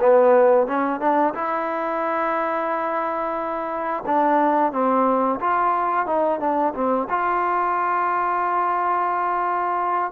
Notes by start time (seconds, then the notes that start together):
0.00 B3
0.67 C#4
1.00 D4
1.34 E4
4.06 D4
4.72 C4
5.40 F4
6.06 D#4
6.40 D4
6.74 C4
7.10 F4